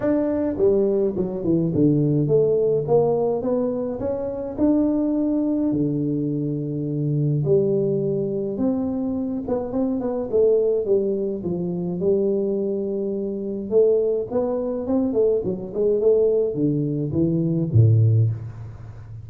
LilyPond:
\new Staff \with { instrumentName = "tuba" } { \time 4/4 \tempo 4 = 105 d'4 g4 fis8 e8 d4 | a4 ais4 b4 cis'4 | d'2 d2~ | d4 g2 c'4~ |
c'8 b8 c'8 b8 a4 g4 | f4 g2. | a4 b4 c'8 a8 fis8 gis8 | a4 d4 e4 a,4 | }